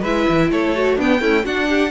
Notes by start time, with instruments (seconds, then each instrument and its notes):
0.00 cello G#3, viola E4, violin B4 E5
0.28 cello E3
0.50 cello A3, violin A4 C#5
0.75 viola F#4
0.96 cello B3, viola B3, violin D4 G5
1.20 viola A3, cello C#4, violin E4
1.44 viola D4, cello D4, violin F#4 F#5
1.69 violin G4